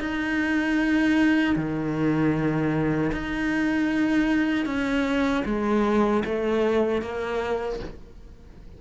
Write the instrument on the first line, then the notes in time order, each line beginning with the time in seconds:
cello
0.00 D#4
1.56 D#3
3.12 D#4
4.66 C#4
5.45 G#3
6.26 A3
7.02 A#3